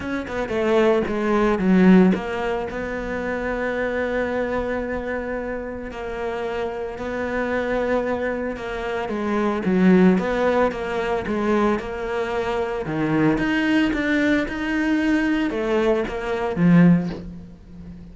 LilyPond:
\new Staff \with { instrumentName = "cello" } { \time 4/4 \tempo 4 = 112 cis'8 b8 a4 gis4 fis4 | ais4 b2.~ | b2. ais4~ | ais4 b2. |
ais4 gis4 fis4 b4 | ais4 gis4 ais2 | dis4 dis'4 d'4 dis'4~ | dis'4 a4 ais4 f4 | }